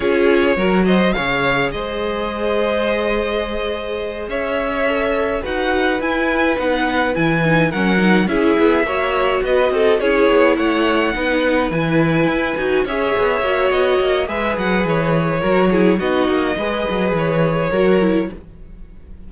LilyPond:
<<
  \new Staff \with { instrumentName = "violin" } { \time 4/4 \tempo 4 = 105 cis''4. dis''8 f''4 dis''4~ | dis''2.~ dis''8 e''8~ | e''4. fis''4 gis''4 fis''8~ | fis''8 gis''4 fis''4 e''4.~ |
e''8 dis''4 cis''4 fis''4.~ | fis''8 gis''2 e''4. | dis''4 e''8 fis''8 cis''2 | dis''2 cis''2 | }
  \new Staff \with { instrumentName = "violin" } { \time 4/4 gis'4 ais'8 c''8 cis''4 c''4~ | c''2.~ c''8 cis''8~ | cis''4. b'2~ b'8~ | b'4. ais'4 gis'4 cis''8~ |
cis''8 b'8 a'8 gis'4 cis''4 b'8~ | b'2~ b'8 cis''4.~ | cis''4 b'2 ais'8 gis'8 | fis'4 b'2 ais'4 | }
  \new Staff \with { instrumentName = "viola" } { \time 4/4 f'4 fis'4 gis'2~ | gis'1~ | gis'8 a'4 fis'4 e'4 dis'8~ | dis'8 e'8 dis'8 cis'8 dis'8 e'4 fis'8~ |
fis'4. e'2 dis'8~ | dis'8 e'4. fis'8 gis'4 fis'8~ | fis'4 gis'2 fis'8 e'8 | dis'4 gis'2 fis'8 e'8 | }
  \new Staff \with { instrumentName = "cello" } { \time 4/4 cis'4 fis4 cis4 gis4~ | gis2.~ gis8 cis'8~ | cis'4. dis'4 e'4 b8~ | b8 e4 fis4 cis'8 b8 ais8~ |
ais8 b8 c'8 cis'8 b8 a4 b8~ | b8 e4 e'8 dis'8 cis'8 b8 ais8 | b8 ais8 gis8 fis8 e4 fis4 | b8 ais8 gis8 fis8 e4 fis4 | }
>>